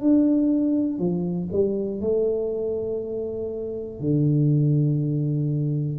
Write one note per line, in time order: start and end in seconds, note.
0.00 0.99 D4
0.99 1.49 F3
1.51 2.00 G3
2.00 4.00 A3
4.00 5.98 D3